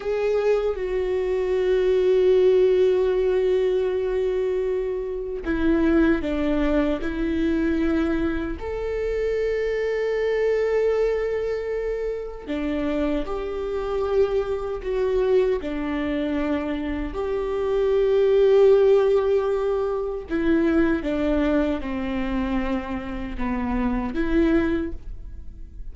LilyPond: \new Staff \with { instrumentName = "viola" } { \time 4/4 \tempo 4 = 77 gis'4 fis'2.~ | fis'2. e'4 | d'4 e'2 a'4~ | a'1 |
d'4 g'2 fis'4 | d'2 g'2~ | g'2 e'4 d'4 | c'2 b4 e'4 | }